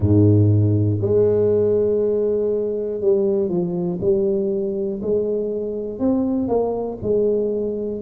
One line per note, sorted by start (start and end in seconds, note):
0.00 0.99 G#2
1.01 3.00 G#3
3.00 3.48 G3
3.48 3.98 F3
4.00 5.00 G3
5.01 5.99 G#3
5.99 6.47 C4
6.47 6.97 A#3
7.02 8.01 G#3